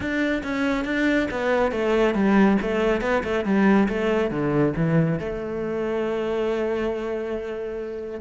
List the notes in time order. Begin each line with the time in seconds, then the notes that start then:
0.00 D4
0.43 C#4
0.84 D4
1.30 B3
1.71 A3
2.14 G3
2.61 A3
3.01 B3
3.23 A3
3.44 G3
3.88 A3
4.30 D3
4.76 E3
5.19 A3